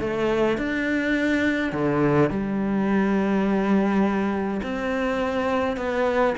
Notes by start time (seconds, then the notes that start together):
0.00 A3
0.57 D4
1.72 D3
2.30 G3
4.63 C4
5.77 B3